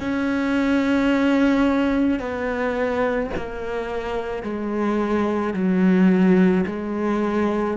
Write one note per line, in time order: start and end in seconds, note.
0.00 2.19 C#4
2.19 3.30 B3
3.36 4.43 A#3
4.43 5.54 G#3
5.54 6.65 F#3
6.66 7.77 G#3